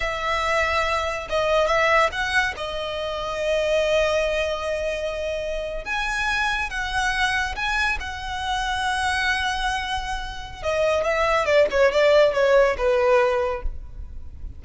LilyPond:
\new Staff \with { instrumentName = "violin" } { \time 4/4 \tempo 4 = 141 e''2. dis''4 | e''4 fis''4 dis''2~ | dis''1~ | dis''4.~ dis''16 gis''2 fis''16~ |
fis''4.~ fis''16 gis''4 fis''4~ fis''16~ | fis''1~ | fis''4 dis''4 e''4 d''8 cis''8 | d''4 cis''4 b'2 | }